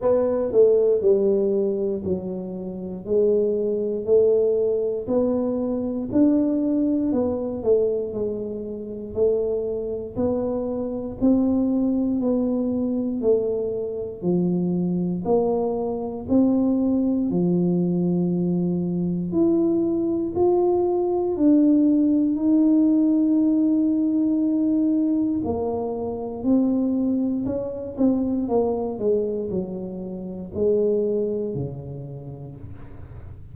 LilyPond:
\new Staff \with { instrumentName = "tuba" } { \time 4/4 \tempo 4 = 59 b8 a8 g4 fis4 gis4 | a4 b4 d'4 b8 a8 | gis4 a4 b4 c'4 | b4 a4 f4 ais4 |
c'4 f2 e'4 | f'4 d'4 dis'2~ | dis'4 ais4 c'4 cis'8 c'8 | ais8 gis8 fis4 gis4 cis4 | }